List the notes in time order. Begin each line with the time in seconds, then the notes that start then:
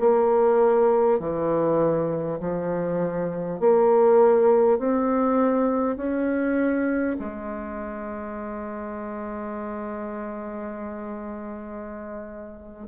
0.00 A#3
1.19 E3
2.40 F3
3.60 A#3
4.79 C4
5.97 C#4
7.19 G#3